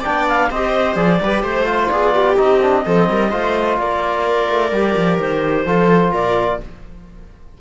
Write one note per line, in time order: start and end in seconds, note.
0.00 0.51 D4
0.00 0.47 D5
0.00 0.26 G5
0.07 0.51 B3
0.28 0.51 F5
0.50 0.96 C4
0.50 0.96 G4
0.50 1.21 C5
0.50 0.95 D#5
0.95 1.19 F3
0.95 1.19 G#4
0.95 1.42 D5
1.21 1.43 G3
1.21 1.65 G4
1.21 1.43 B4
1.42 1.89 A3
1.42 1.89 C5
1.42 1.90 C5
1.65 2.35 F4
1.89 2.38 B3
1.89 2.13 G#4
1.89 2.36 D5
2.13 2.84 G4
2.37 2.86 C4
2.37 2.60 D#4
2.37 3.78 D#5
2.62 2.85 D4
2.85 3.09 F3
2.85 3.31 C4
2.85 3.09 A4
3.09 3.32 G3
3.09 3.30 A#4
3.30 3.78 A3
3.30 4.72 F4
3.30 3.77 C5
3.78 4.48 A#3
3.78 5.67 A#4
3.78 5.19 D5
4.50 4.72 A3
4.72 4.95 G3
4.72 5.66 G4
4.96 5.18 F3
5.18 5.65 D#3
5.18 6.13 C5
5.65 6.12 F3
5.65 6.60 F4
5.65 6.12 A4
6.12 6.60 A#2
6.12 6.59 A#4
6.12 6.60 D5